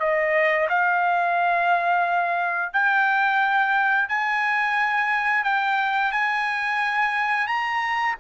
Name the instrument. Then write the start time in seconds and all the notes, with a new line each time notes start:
trumpet
0.00 D#5
0.69 F5
2.73 G5
4.09 G#5
5.45 G5
6.12 G#5
7.48 A#5